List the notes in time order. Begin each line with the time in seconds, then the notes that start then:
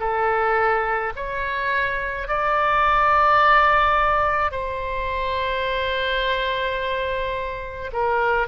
0.00 A4
1.16 C#5
2.28 D5
4.52 C5
7.92 A#4